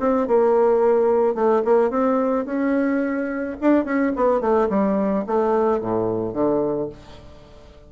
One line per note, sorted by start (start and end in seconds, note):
0.00 0.28 C4
0.28 1.35 A#3
1.35 1.63 A3
1.65 1.91 A#3
1.91 2.45 C4
2.45 3.57 C#4
3.61 3.85 D4
3.85 4.12 C#4
4.16 4.41 B3
4.41 4.69 A3
4.70 5.25 G3
5.27 5.81 A3
5.81 6.34 A2
6.34 6.89 D3